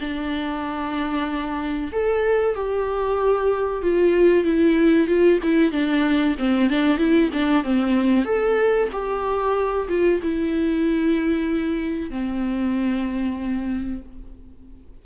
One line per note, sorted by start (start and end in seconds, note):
0.00 1.91 D4
1.92 2.55 A4
2.55 3.82 G4
3.82 4.44 F4
4.44 5.07 E4
5.07 5.39 F4
5.43 5.72 E4
5.72 6.36 D4
6.39 6.70 C4
6.70 6.98 D4
6.98 7.30 E4
7.33 7.64 D4
7.64 8.25 C4
8.25 8.89 A4
8.92 9.88 G4
9.88 10.20 F4
10.23 12.10 E4
12.10 14.02 C4